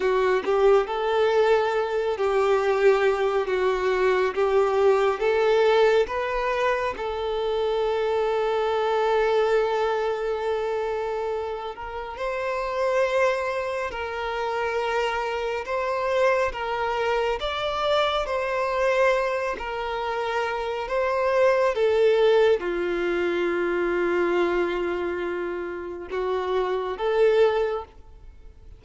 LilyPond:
\new Staff \with { instrumentName = "violin" } { \time 4/4 \tempo 4 = 69 fis'8 g'8 a'4. g'4. | fis'4 g'4 a'4 b'4 | a'1~ | a'4. ais'8 c''2 |
ais'2 c''4 ais'4 | d''4 c''4. ais'4. | c''4 a'4 f'2~ | f'2 fis'4 a'4 | }